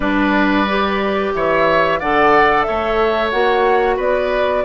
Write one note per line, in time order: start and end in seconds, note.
0.00 1.31 G3
0.00 0.66 D4
0.00 1.32 B4
0.00 1.33 D5
0.67 2.01 G4
1.34 2.01 E3
1.34 1.99 C#5
1.34 1.99 E5
1.99 2.67 D3
1.99 3.31 A4
1.99 2.66 D5
1.99 2.62 F#5
2.62 3.96 C#5
2.62 3.29 E5
2.68 3.32 A3
3.30 3.97 A#3
3.30 4.64 F#4
3.30 3.97 F#5
3.96 4.64 B3
3.96 4.63 B4
3.96 4.64 D5